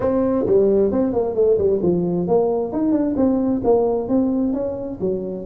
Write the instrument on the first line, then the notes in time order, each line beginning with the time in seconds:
tuba
0.00 C4
0.46 G3
0.91 C4
1.13 A#3
1.35 A3
1.58 G3
1.82 F3
2.27 A#3
2.72 D#4
2.92 D4
3.16 C4
3.64 A#3
4.08 C4
4.53 C#4
5.00 F#3